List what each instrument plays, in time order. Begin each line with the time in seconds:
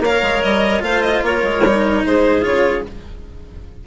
0.00 bassoon A#3, cello A#4, clarinet C#5, violin F5
0.22 bassoon G#3
0.42 bassoon G3, violin D#5
0.79 bassoon A3, cello F4, clarinet C5, violin F5
1.02 violin D#5
1.23 bassoon A#3, clarinet A#4, violin C#5
1.43 bassoon G#3
1.64 bassoon G3, cello D#4
2.06 bassoon G#3, clarinet G#4, violin C5
2.41 bassoon C#3, cello F4, violin C#5